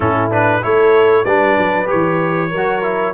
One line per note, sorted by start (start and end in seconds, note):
0.00 0.63 A2
0.00 0.30 C#4
0.00 0.62 E4
0.00 0.30 A4
0.30 0.61 D4
0.30 0.63 B4
0.61 1.25 A3
0.61 1.25 E4
0.61 1.25 A4
0.61 1.24 C#5
1.24 1.57 G3
1.24 1.86 D4
1.24 2.50 B4
1.24 1.87 D5
1.58 1.89 F#3
1.86 2.49 G4
1.86 3.14 C#5
1.92 2.52 E3
2.50 3.14 F#3
2.50 3.13 A#4
2.56 2.82 F#4
2.82 3.14 E4